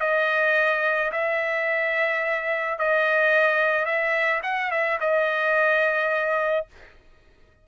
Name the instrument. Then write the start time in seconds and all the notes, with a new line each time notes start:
trumpet
0.00 D#5
1.12 E5
2.79 D#5
3.85 E5
4.43 F#5
4.71 E5
5.00 D#5